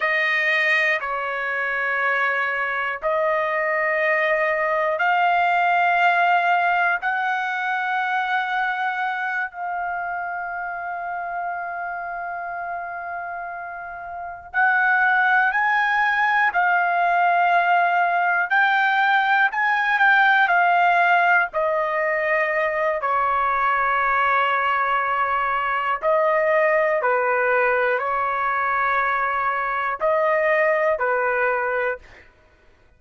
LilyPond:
\new Staff \with { instrumentName = "trumpet" } { \time 4/4 \tempo 4 = 60 dis''4 cis''2 dis''4~ | dis''4 f''2 fis''4~ | fis''4. f''2~ f''8~ | f''2~ f''8 fis''4 gis''8~ |
gis''8 f''2 g''4 gis''8 | g''8 f''4 dis''4. cis''4~ | cis''2 dis''4 b'4 | cis''2 dis''4 b'4 | }